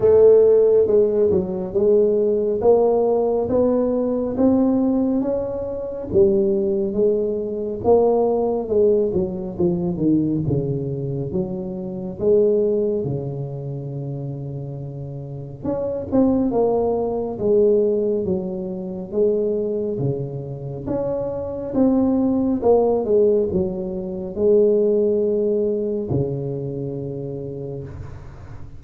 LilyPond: \new Staff \with { instrumentName = "tuba" } { \time 4/4 \tempo 4 = 69 a4 gis8 fis8 gis4 ais4 | b4 c'4 cis'4 g4 | gis4 ais4 gis8 fis8 f8 dis8 | cis4 fis4 gis4 cis4~ |
cis2 cis'8 c'8 ais4 | gis4 fis4 gis4 cis4 | cis'4 c'4 ais8 gis8 fis4 | gis2 cis2 | }